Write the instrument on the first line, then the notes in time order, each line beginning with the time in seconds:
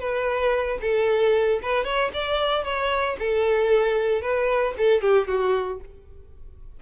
violin
0.00 B4
0.82 A4
1.63 B4
1.85 C#5
2.14 D5
2.64 C#5
3.20 A4
4.22 B4
4.78 A4
5.02 G4
5.28 F#4